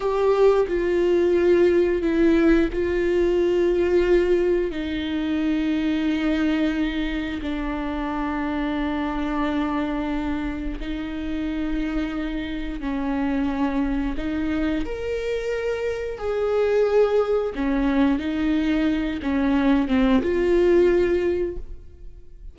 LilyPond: \new Staff \with { instrumentName = "viola" } { \time 4/4 \tempo 4 = 89 g'4 f'2 e'4 | f'2. dis'4~ | dis'2. d'4~ | d'1 |
dis'2. cis'4~ | cis'4 dis'4 ais'2 | gis'2 cis'4 dis'4~ | dis'8 cis'4 c'8 f'2 | }